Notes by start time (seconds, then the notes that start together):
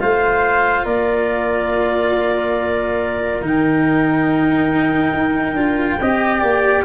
0.00 A3 F4 C5 F5
0.85 A#3 A#4 D5
3.42 D#3 D#4 G5
5.13 D#4
5.54 D4 F4
6.01 C4 G4 D#5
6.40 A#3 D5